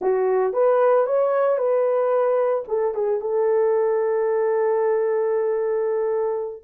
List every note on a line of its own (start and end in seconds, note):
0.01 0.53 F#4
0.53 1.06 B4
1.06 1.58 C#5
1.58 2.64 B4
2.68 2.94 A4
2.94 3.20 G#4
3.20 6.63 A4